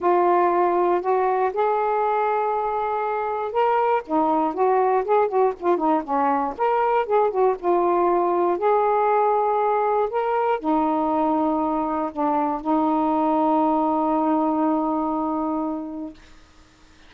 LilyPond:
\new Staff \with { instrumentName = "saxophone" } { \time 4/4 \tempo 4 = 119 f'2 fis'4 gis'4~ | gis'2. ais'4 | dis'4 fis'4 gis'8 fis'8 f'8 dis'8 | cis'4 ais'4 gis'8 fis'8 f'4~ |
f'4 gis'2. | ais'4 dis'2. | d'4 dis'2.~ | dis'1 | }